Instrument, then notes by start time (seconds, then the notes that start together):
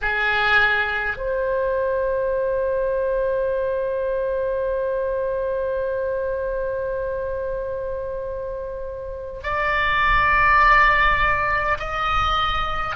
oboe
0.01 G#4
1.17 C5
9.43 D5
11.79 D#5